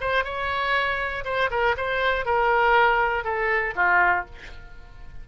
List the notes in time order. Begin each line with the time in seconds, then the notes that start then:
0.00 C5
0.24 C#5
1.24 C5
1.50 A#4
1.76 C5
2.25 A#4
3.24 A4
3.75 F4